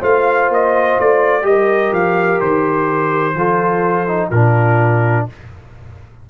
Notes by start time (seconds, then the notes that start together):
0.00 A3 F4 C5 F5
0.49 A#3 D#5
0.99 A3 D5
1.42 G3 G4 A#4 D#5
1.91 F3 F5
2.40 D#3 C5
3.34 F3 F4 A4
4.07 D#4
4.30 A#2 D4 F4 A#4